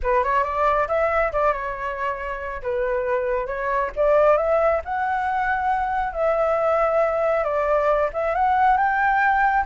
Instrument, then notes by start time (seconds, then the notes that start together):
flute
0.02 B4
0.23 C#5
0.43 D5
0.88 E5
1.32 D5
1.52 C#5
2.62 B4
3.46 C#5
3.96 D5
4.37 E5
4.84 F#5
6.12 E5
7.44 D5
8.13 E5
8.34 F#5
8.77 G5